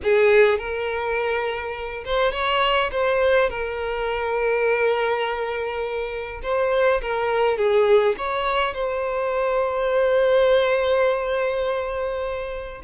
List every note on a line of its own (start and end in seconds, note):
0.03 0.58 G#4
0.58 2.04 A#4
2.04 2.32 C5
2.32 2.90 C#5
2.91 3.49 C5
3.49 6.40 A#4
6.42 7.01 C5
7.01 7.57 A#4
7.57 8.15 G#4
8.17 8.74 C#5
8.74 12.82 C5